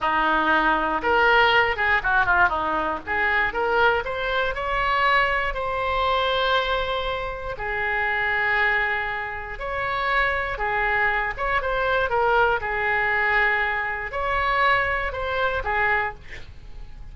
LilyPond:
\new Staff \with { instrumentName = "oboe" } { \time 4/4 \tempo 4 = 119 dis'2 ais'4. gis'8 | fis'8 f'8 dis'4 gis'4 ais'4 | c''4 cis''2 c''4~ | c''2. gis'4~ |
gis'2. cis''4~ | cis''4 gis'4. cis''8 c''4 | ais'4 gis'2. | cis''2 c''4 gis'4 | }